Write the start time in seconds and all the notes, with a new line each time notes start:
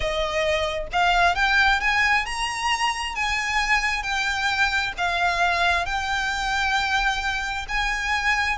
0.00 D#5
0.92 F5
1.35 G5
1.80 G#5
2.25 A#5
3.15 G#5
4.02 G5
4.97 F5
5.85 G5
7.68 G#5